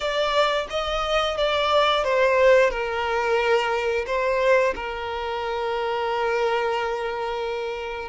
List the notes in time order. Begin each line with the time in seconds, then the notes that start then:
0.00 D5
0.70 D#5
1.37 D5
2.04 C5
2.70 A#4
4.06 C5
4.75 A#4